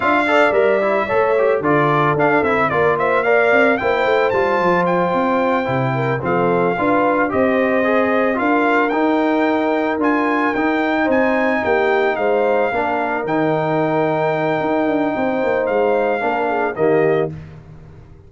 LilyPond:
<<
  \new Staff \with { instrumentName = "trumpet" } { \time 4/4 \tempo 4 = 111 f''4 e''2 d''4 | f''8 e''8 d''8 e''8 f''4 g''4 | a''4 g''2~ g''8 f''8~ | f''4. dis''2 f''8~ |
f''8 g''2 gis''4 g''8~ | g''8 gis''4 g''4 f''4.~ | f''8 g''2.~ g''8~ | g''4 f''2 dis''4 | }
  \new Staff \with { instrumentName = "horn" } { \time 4/4 e''8 d''4. cis''4 a'4~ | a'4 ais'8 c''8 d''4 c''4~ | c''2. ais'8 a'8~ | a'8 b'4 c''2 ais'8~ |
ais'1~ | ais'8 c''4 g'4 c''4 ais'8~ | ais'1 | c''2 ais'8 gis'8 g'4 | }
  \new Staff \with { instrumentName = "trombone" } { \time 4/4 f'8 a'8 ais'8 e'8 a'8 g'8 f'4 | d'8 e'8 f'4 ais'4 e'4 | f'2~ f'8 e'4 c'8~ | c'8 f'4 g'4 gis'4 f'8~ |
f'8 dis'2 f'4 dis'8~ | dis'2.~ dis'8 d'8~ | d'8 dis'2.~ dis'8~ | dis'2 d'4 ais4 | }
  \new Staff \with { instrumentName = "tuba" } { \time 4/4 d'4 g4 a4 d4 | d'8 c'8 ais4. c'8 ais8 a8 | g8 f4 c'4 c4 f8~ | f8 d'4 c'2 d'8~ |
d'8 dis'2 d'4 dis'8~ | dis'8 c'4 ais4 gis4 ais8~ | ais8 dis2~ dis8 dis'8 d'8 | c'8 ais8 gis4 ais4 dis4 | }
>>